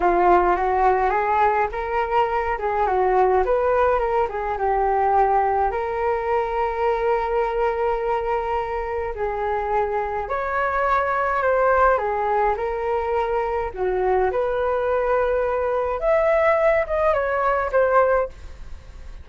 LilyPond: \new Staff \with { instrumentName = "flute" } { \time 4/4 \tempo 4 = 105 f'4 fis'4 gis'4 ais'4~ | ais'8 gis'8 fis'4 b'4 ais'8 gis'8 | g'2 ais'2~ | ais'1 |
gis'2 cis''2 | c''4 gis'4 ais'2 | fis'4 b'2. | e''4. dis''8 cis''4 c''4 | }